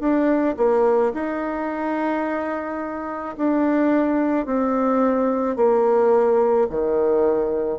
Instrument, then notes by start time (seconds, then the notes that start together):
bassoon
0.00 D4
0.57 A#3
1.14 D#4
3.37 D4
4.46 C4
5.56 A#3
6.70 D#3